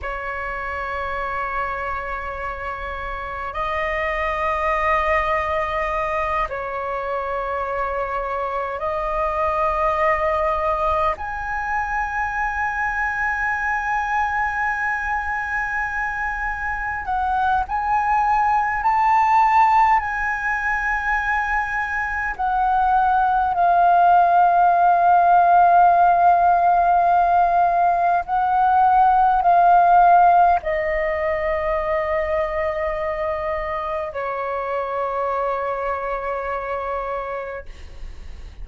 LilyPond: \new Staff \with { instrumentName = "flute" } { \time 4/4 \tempo 4 = 51 cis''2. dis''4~ | dis''4. cis''2 dis''8~ | dis''4. gis''2~ gis''8~ | gis''2~ gis''8 fis''8 gis''4 |
a''4 gis''2 fis''4 | f''1 | fis''4 f''4 dis''2~ | dis''4 cis''2. | }